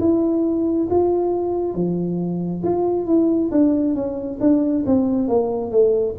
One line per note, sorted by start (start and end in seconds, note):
0.00 0.88 E4
0.90 1.75 F4
1.75 2.63 F3
2.64 3.06 F4
3.06 3.51 E4
3.51 3.95 D4
3.95 4.39 C#4
4.41 4.85 D4
4.86 5.28 C4
5.28 5.72 A#3
5.72 6.16 A3